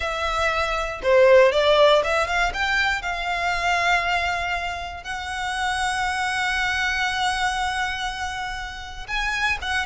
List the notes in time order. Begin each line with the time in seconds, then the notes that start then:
0.00 E5
1.02 C5
1.52 D5
2.04 E5
2.27 F5
2.53 G5
3.02 F5
5.03 F#5
9.07 G#5
9.61 F#5